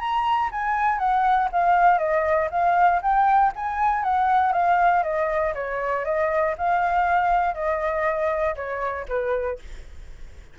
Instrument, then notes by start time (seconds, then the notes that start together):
flute
0.00 A#5
0.52 G#5
0.99 F#5
1.53 F5
1.99 D#5
2.51 F5
3.02 G5
3.56 G#5
4.04 F#5
4.53 F5
5.03 D#5
5.55 C#5
6.05 D#5
6.58 F5
7.55 D#5
8.56 C#5
9.09 B4